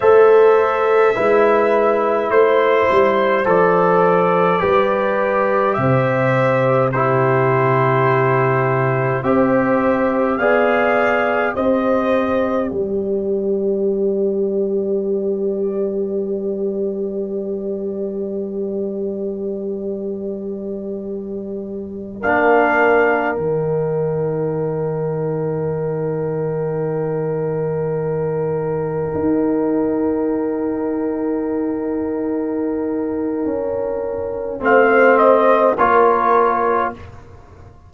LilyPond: <<
  \new Staff \with { instrumentName = "trumpet" } { \time 4/4 \tempo 4 = 52 e''2 c''4 d''4~ | d''4 e''4 c''2 | e''4 f''4 dis''4 d''4~ | d''1~ |
d''2.~ d''16 f''8.~ | f''16 g''2.~ g''8.~ | g''1~ | g''2 f''8 dis''8 cis''4 | }
  \new Staff \with { instrumentName = "horn" } { \time 4/4 c''4 b'4 c''2 | b'4 c''4 g'2 | c''4 d''4 c''4 b'4~ | b'1~ |
b'2.~ b'16 ais'8.~ | ais'1~ | ais'1~ | ais'2 c''4 ais'4 | }
  \new Staff \with { instrumentName = "trombone" } { \time 4/4 a'4 e'2 a'4 | g'2 e'2 | g'4 gis'4 g'2~ | g'1~ |
g'2.~ g'16 d'8.~ | d'16 dis'2.~ dis'8.~ | dis'1~ | dis'2 c'4 f'4 | }
  \new Staff \with { instrumentName = "tuba" } { \time 4/4 a4 gis4 a8 g8 f4 | g4 c2. | c'4 b4 c'4 g4~ | g1~ |
g2.~ g16 ais8.~ | ais16 dis2.~ dis8.~ | dis4~ dis16 dis'2~ dis'8.~ | dis'4 cis'4 a4 ais4 | }
>>